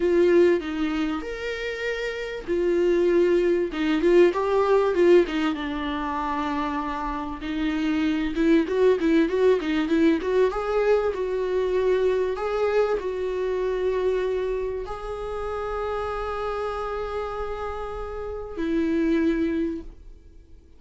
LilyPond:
\new Staff \with { instrumentName = "viola" } { \time 4/4 \tempo 4 = 97 f'4 dis'4 ais'2 | f'2 dis'8 f'8 g'4 | f'8 dis'8 d'2. | dis'4. e'8 fis'8 e'8 fis'8 dis'8 |
e'8 fis'8 gis'4 fis'2 | gis'4 fis'2. | gis'1~ | gis'2 e'2 | }